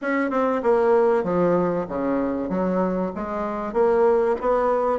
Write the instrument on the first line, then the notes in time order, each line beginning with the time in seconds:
bassoon
0.01 C#4
0.30 C4
0.62 A#3
1.23 F3
1.88 C#3
2.49 F#3
3.15 G#3
3.73 A#3
4.40 B3